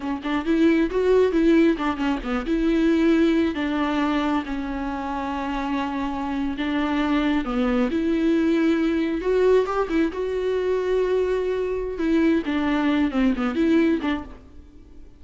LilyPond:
\new Staff \with { instrumentName = "viola" } { \time 4/4 \tempo 4 = 135 cis'8 d'8 e'4 fis'4 e'4 | d'8 cis'8 b8 e'2~ e'8 | d'2 cis'2~ | cis'2~ cis'8. d'4~ d'16~ |
d'8. b4 e'2~ e'16~ | e'8. fis'4 g'8 e'8 fis'4~ fis'16~ | fis'2. e'4 | d'4. c'8 b8 e'4 d'8 | }